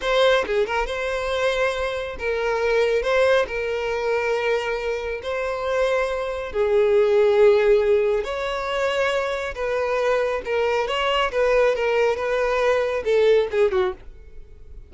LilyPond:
\new Staff \with { instrumentName = "violin" } { \time 4/4 \tempo 4 = 138 c''4 gis'8 ais'8 c''2~ | c''4 ais'2 c''4 | ais'1 | c''2. gis'4~ |
gis'2. cis''4~ | cis''2 b'2 | ais'4 cis''4 b'4 ais'4 | b'2 a'4 gis'8 fis'8 | }